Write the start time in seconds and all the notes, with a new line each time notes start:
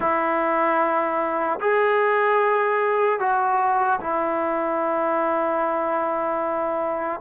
0.00 E4
1.60 G#4
3.19 F#4
4.00 E4